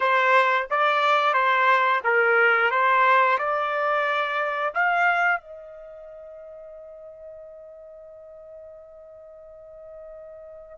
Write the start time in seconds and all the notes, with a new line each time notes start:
0.00 C5
0.70 D5
1.33 C5
2.04 A#4
2.70 C5
3.38 D5
4.74 F5
5.40 D#5